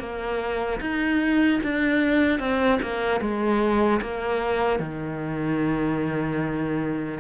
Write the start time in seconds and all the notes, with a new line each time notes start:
0.00 A#3
0.81 D#4
1.64 D4
2.40 C4
2.83 A#3
3.21 G#3
4.02 A#3
4.80 D#3